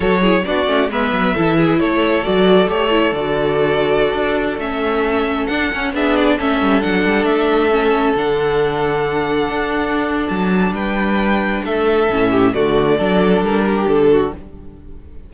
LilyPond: <<
  \new Staff \with { instrumentName = "violin" } { \time 4/4 \tempo 4 = 134 cis''4 d''4 e''2 | cis''4 d''4 cis''4 d''4~ | d''2~ d''16 e''4.~ e''16~ | e''16 fis''4 e''8 d''8 e''4 fis''8.~ |
fis''16 e''2 fis''4.~ fis''16~ | fis''2. a''4 | g''2 e''2 | d''2 ais'4 a'4 | }
  \new Staff \with { instrumentName = "violin" } { \time 4/4 a'8 gis'8 fis'4 b'4 a'8 gis'8 | a'1~ | a'1~ | a'4~ a'16 gis'4 a'4.~ a'16~ |
a'1~ | a'1 | b'2 a'4. g'8 | fis'4 a'4. g'4 fis'8 | }
  \new Staff \with { instrumentName = "viola" } { \time 4/4 fis'8 e'8 d'8 cis'8 b4 e'4~ | e'4 fis'4 g'8 e'8 fis'4~ | fis'2~ fis'16 cis'4.~ cis'16~ | cis'16 d'8 cis'8 d'4 cis'4 d'8.~ |
d'4~ d'16 cis'4 d'4.~ d'16~ | d'1~ | d'2. cis'4 | a4 d'2. | }
  \new Staff \with { instrumentName = "cello" } { \time 4/4 fis4 b8 a8 gis8 fis8 e4 | a4 fis4 a4 d4~ | d4~ d16 d'4 a4.~ a16~ | a16 d'8 cis'8 b4 a8 g8 fis8 g16~ |
g16 a2 d4.~ d16~ | d4~ d16 d'4.~ d'16 fis4 | g2 a4 a,4 | d4 fis4 g4 d4 | }
>>